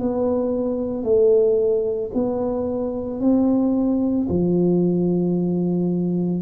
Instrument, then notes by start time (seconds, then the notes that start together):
tuba
0.00 B3
1.04 A3
2.14 B3
3.21 C4
4.30 F3